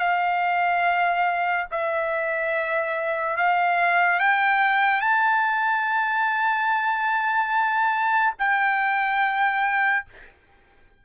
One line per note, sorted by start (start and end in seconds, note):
0.00 1.67 F5
1.72 3.37 E5
3.37 4.20 F5
4.20 5.01 G5
5.01 8.34 A5
8.39 10.06 G5